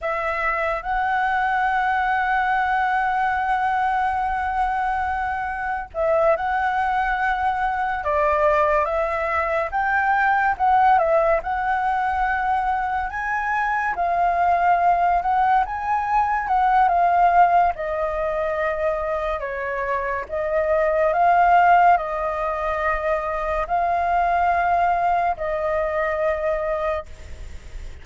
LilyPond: \new Staff \with { instrumentName = "flute" } { \time 4/4 \tempo 4 = 71 e''4 fis''2.~ | fis''2. e''8 fis''8~ | fis''4. d''4 e''4 g''8~ | g''8 fis''8 e''8 fis''2 gis''8~ |
gis''8 f''4. fis''8 gis''4 fis''8 | f''4 dis''2 cis''4 | dis''4 f''4 dis''2 | f''2 dis''2 | }